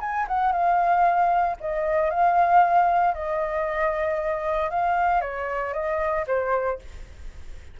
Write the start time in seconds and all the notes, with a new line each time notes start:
0.00 G#5
0.28 F#5
0.52 F5
1.60 D#5
2.10 F5
3.14 D#5
4.70 F5
5.21 C#5
5.73 D#5
6.27 C5